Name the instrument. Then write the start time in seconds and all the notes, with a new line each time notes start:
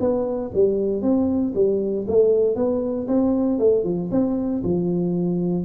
tuba
0.00 B3
0.54 G3
1.02 C4
1.55 G3
2.07 A3
2.56 B3
3.08 C4
3.59 A3
3.84 F3
4.11 C4
4.64 F3